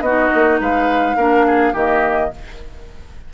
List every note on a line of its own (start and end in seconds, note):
0.00 0.29 B3
0.00 0.60 F#4
0.00 0.58 D#5
0.06 1.17 D#4
0.34 0.60 A#3
0.60 1.16 G#3
0.60 1.16 B4
0.60 1.76 F5
1.16 1.73 A#3
1.16 1.74 D4
1.16 1.45 A#4
1.46 1.72 G#4
1.72 2.31 D#3
1.72 2.31 A#3
1.72 2.30 G4
1.72 2.33 D#5